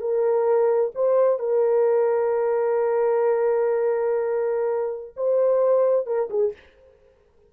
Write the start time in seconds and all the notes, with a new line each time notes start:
0.00 A#4
0.95 C5
1.39 A#4
5.16 C5
6.06 A#4
6.30 G#4